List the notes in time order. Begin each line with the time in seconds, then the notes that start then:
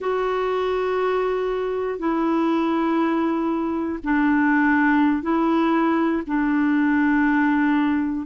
0.00 F#4
1.98 E4
4.03 D4
5.22 E4
6.26 D4